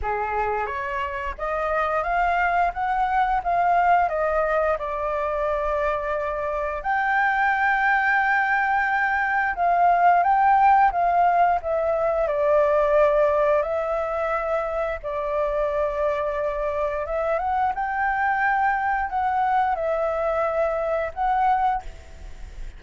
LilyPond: \new Staff \with { instrumentName = "flute" } { \time 4/4 \tempo 4 = 88 gis'4 cis''4 dis''4 f''4 | fis''4 f''4 dis''4 d''4~ | d''2 g''2~ | g''2 f''4 g''4 |
f''4 e''4 d''2 | e''2 d''2~ | d''4 e''8 fis''8 g''2 | fis''4 e''2 fis''4 | }